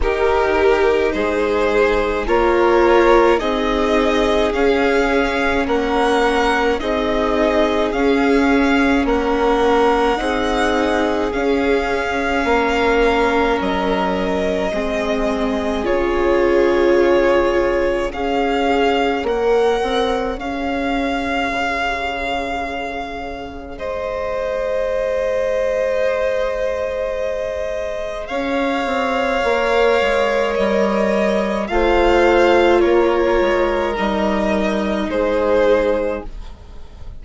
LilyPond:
<<
  \new Staff \with { instrumentName = "violin" } { \time 4/4 \tempo 4 = 53 ais'4 c''4 cis''4 dis''4 | f''4 fis''4 dis''4 f''4 | fis''2 f''2 | dis''2 cis''2 |
f''4 fis''4 f''2~ | f''4 dis''2.~ | dis''4 f''2 dis''4 | f''4 cis''4 dis''4 c''4 | }
  \new Staff \with { instrumentName = "violin" } { \time 4/4 g'4 gis'4 ais'4 gis'4~ | gis'4 ais'4 gis'2 | ais'4 gis'2 ais'4~ | ais'4 gis'2. |
cis''1~ | cis''4 c''2.~ | c''4 cis''2. | c''4 ais'2 gis'4 | }
  \new Staff \with { instrumentName = "viola" } { \time 4/4 dis'2 f'4 dis'4 | cis'2 dis'4 cis'4~ | cis'4 dis'4 cis'2~ | cis'4 c'4 f'2 |
gis'4 ais'4 gis'2~ | gis'1~ | gis'2 ais'2 | f'2 dis'2 | }
  \new Staff \with { instrumentName = "bassoon" } { \time 4/4 dis4 gis4 ais4 c'4 | cis'4 ais4 c'4 cis'4 | ais4 c'4 cis'4 ais4 | fis4 gis4 cis2 |
cis'4 ais8 c'8 cis'4 cis4~ | cis4 gis2.~ | gis4 cis'8 c'8 ais8 gis8 g4 | a4 ais8 gis8 g4 gis4 | }
>>